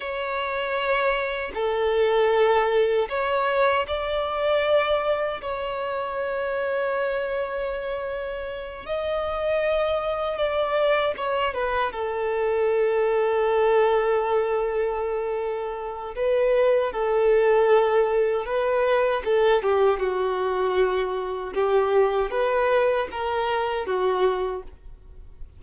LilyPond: \new Staff \with { instrumentName = "violin" } { \time 4/4 \tempo 4 = 78 cis''2 a'2 | cis''4 d''2 cis''4~ | cis''2.~ cis''8 dis''8~ | dis''4. d''4 cis''8 b'8 a'8~ |
a'1~ | a'4 b'4 a'2 | b'4 a'8 g'8 fis'2 | g'4 b'4 ais'4 fis'4 | }